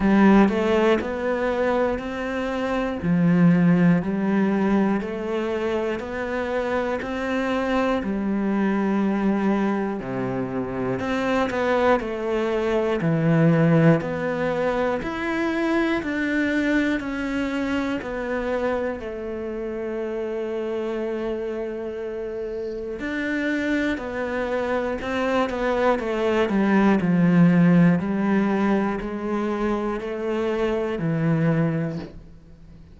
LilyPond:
\new Staff \with { instrumentName = "cello" } { \time 4/4 \tempo 4 = 60 g8 a8 b4 c'4 f4 | g4 a4 b4 c'4 | g2 c4 c'8 b8 | a4 e4 b4 e'4 |
d'4 cis'4 b4 a4~ | a2. d'4 | b4 c'8 b8 a8 g8 f4 | g4 gis4 a4 e4 | }